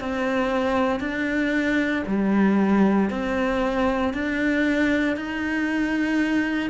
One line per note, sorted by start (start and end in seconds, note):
0.00 1.00 C4
1.00 2.03 D4
2.07 3.10 G3
3.10 4.13 C4
4.13 5.16 D4
5.16 6.70 D#4